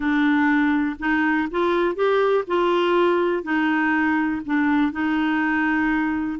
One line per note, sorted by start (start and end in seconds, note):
0.00 0.96 D4
0.99 1.48 D#4
1.50 1.95 F4
1.95 2.44 G4
2.47 3.43 F4
3.43 4.41 D#4
4.45 4.92 D4
4.92 6.39 D#4